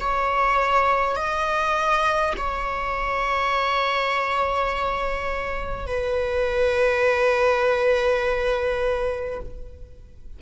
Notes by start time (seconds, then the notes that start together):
0.00 C#5
1.16 D#5
2.37 C#5
5.87 B4